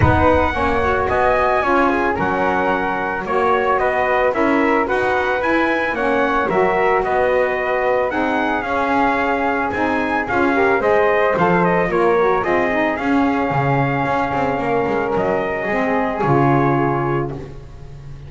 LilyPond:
<<
  \new Staff \with { instrumentName = "trumpet" } { \time 4/4 \tempo 4 = 111 fis''2 gis''2 | fis''2 cis''4 dis''4 | e''4 fis''4 gis''4 fis''4 | e''4 dis''2 fis''4 |
f''2 gis''4 f''4 | dis''4 f''8 dis''8 cis''4 dis''4 | f''1 | dis''2 cis''2 | }
  \new Staff \with { instrumentName = "flute" } { \time 4/4 b'4 cis''4 dis''4 cis''8 gis'8 | ais'2 cis''4 b'4 | ais'4 b'2 cis''4 | ais'4 b'2 gis'4~ |
gis'2.~ gis'8 ais'8 | c''2 ais'4 gis'4~ | gis'2. ais'4~ | ais'4 gis'2. | }
  \new Staff \with { instrumentName = "saxophone" } { \time 4/4 dis'4 cis'8 fis'4. f'4 | cis'2 fis'2 | e'4 fis'4 e'4 cis'4 | fis'2. dis'4 |
cis'2 dis'4 f'8 g'8 | gis'4 a'4 f'8 fis'8 f'8 dis'8 | cis'1~ | cis'4 c'4 f'2 | }
  \new Staff \with { instrumentName = "double bass" } { \time 4/4 b4 ais4 b4 cis'4 | fis2 ais4 b4 | cis'4 dis'4 e'4 ais4 | fis4 b2 c'4 |
cis'2 c'4 cis'4 | gis4 f4 ais4 c'4 | cis'4 cis4 cis'8 c'8 ais8 gis8 | fis4 gis4 cis2 | }
>>